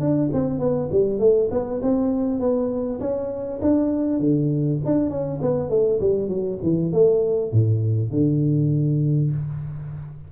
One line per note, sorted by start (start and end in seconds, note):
0.00 0.30 D4
0.33 0.59 C4
0.59 0.89 B3
0.91 1.19 G3
1.19 1.49 A3
1.51 1.81 B3
1.82 2.39 C4
2.39 2.99 B3
3.00 3.60 C#4
3.61 4.19 D4
4.19 4.79 D3
4.85 5.10 D4
5.10 5.40 C#4
5.41 5.70 B3
5.70 6.00 A3
6.00 6.28 G3
6.28 6.58 F#3
6.62 6.92 E3
6.92 7.52 A3
7.52 8.11 A2
8.11 9.31 D3